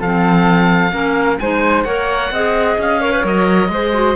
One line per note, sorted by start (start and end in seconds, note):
0.00 0.92 F3
0.00 0.92 C4
0.00 0.92 A4
0.00 1.39 F5
0.92 1.39 A#3
0.92 1.38 C#4
0.92 1.39 A#4
1.39 1.85 G#3
1.39 1.86 D#4
1.39 1.86 C5
1.39 1.85 G#5
1.85 2.31 A#3
1.85 2.32 A#4
1.85 2.32 C#5
1.85 2.77 F#5
2.31 2.77 C4
2.31 3.01 G#4
2.31 3.01 D#5
2.78 3.24 C#4
2.78 3.27 F5
3.01 3.12 A#4
3.01 3.70 C#5
3.12 3.24 B4
3.24 3.69 F#3
3.24 3.70 A#4
3.24 4.16 D#5
3.69 4.15 G#3
3.69 3.95 G#4
3.69 4.16 C5
3.95 4.16 F#4